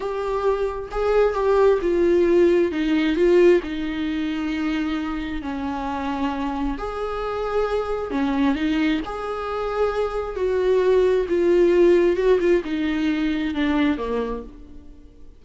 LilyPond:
\new Staff \with { instrumentName = "viola" } { \time 4/4 \tempo 4 = 133 g'2 gis'4 g'4 | f'2 dis'4 f'4 | dis'1 | cis'2. gis'4~ |
gis'2 cis'4 dis'4 | gis'2. fis'4~ | fis'4 f'2 fis'8 f'8 | dis'2 d'4 ais4 | }